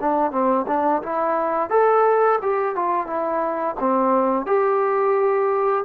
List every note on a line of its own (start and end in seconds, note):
0.00 0.31 D4
0.31 0.66 C4
0.67 1.02 D4
1.02 1.70 E4
1.70 2.39 A4
2.42 2.75 G4
2.75 3.06 F4
3.06 3.75 E4
3.80 4.46 C4
4.46 5.84 G4